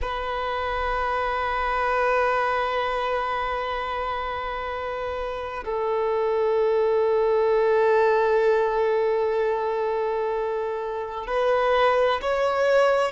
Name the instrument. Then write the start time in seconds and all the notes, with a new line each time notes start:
violin
0.01 B4
5.64 A4
11.27 B4
12.21 C#5